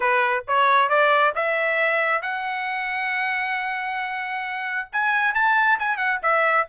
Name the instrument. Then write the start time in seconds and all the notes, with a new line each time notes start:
trumpet
0.00 B4
0.47 C#5
0.89 D5
1.35 E5
2.22 F#5
4.92 G#5
5.34 A5
5.79 G#5
5.97 F#5
6.22 E5